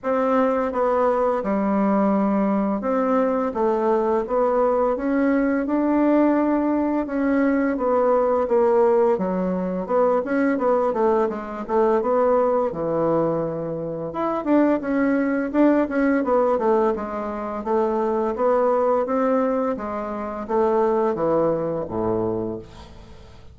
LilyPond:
\new Staff \with { instrumentName = "bassoon" } { \time 4/4 \tempo 4 = 85 c'4 b4 g2 | c'4 a4 b4 cis'4 | d'2 cis'4 b4 | ais4 fis4 b8 cis'8 b8 a8 |
gis8 a8 b4 e2 | e'8 d'8 cis'4 d'8 cis'8 b8 a8 | gis4 a4 b4 c'4 | gis4 a4 e4 a,4 | }